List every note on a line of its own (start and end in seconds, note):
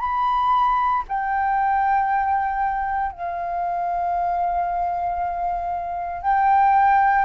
0.00 1.03 B5
1.09 3.12 G5
3.12 6.22 F5
6.22 7.25 G5